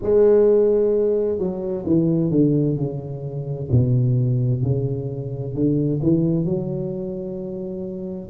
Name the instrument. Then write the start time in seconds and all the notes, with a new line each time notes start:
tuba
0.02 G#3
1.38 F#3
1.86 E3
2.30 D3
2.77 C#3
3.71 B2
4.62 C#3
5.54 D3
6.02 E3
6.44 F#3